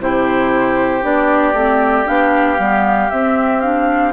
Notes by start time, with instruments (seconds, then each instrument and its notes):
0.00 bassoon C3, clarinet E4, oboe G4, flute C5
1.02 bassoon B3, clarinet D4, flute D5
1.53 bassoon A3, clarinet C4
2.06 bassoon B3, clarinet D4, flute F5
2.59 bassoon G3, clarinet B3
3.11 bassoon C4, clarinet C4, flute E5
3.61 clarinet D4, flute F5